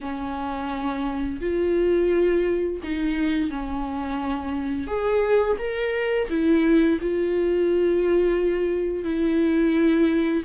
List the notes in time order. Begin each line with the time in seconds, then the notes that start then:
0.00 C#4
1.40 F4
2.83 D#4
3.50 C#4
4.87 G#4
5.58 A#4
6.29 E4
7.01 F4
9.03 E4